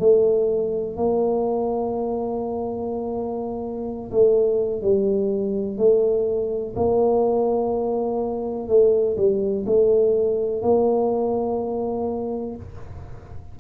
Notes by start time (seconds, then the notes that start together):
0.00 A3
0.97 A#3
4.11 A3
4.82 G3
5.78 A3
6.77 A#3
8.68 A3
9.17 G3
9.66 A3
10.62 A#3